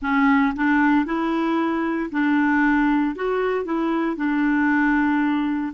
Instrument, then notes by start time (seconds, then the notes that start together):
clarinet
0.01 C#4
0.55 D4
1.05 E4
2.11 D4
3.15 F#4
3.64 E4
4.16 D4